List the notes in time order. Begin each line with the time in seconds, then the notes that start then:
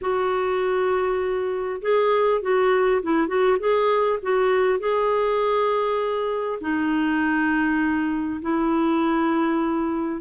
0.01 F#4
1.81 G#4
2.41 F#4
3.02 E4
3.27 F#4
3.59 G#4
4.22 F#4
4.79 G#4
6.60 D#4
8.41 E4